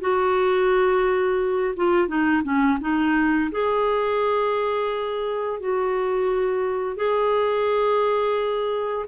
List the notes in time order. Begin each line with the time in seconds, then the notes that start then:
0.00 F#4
1.76 F4
2.08 D#4
2.43 C#4
2.81 D#4
3.51 G#4
5.60 F#4
6.96 G#4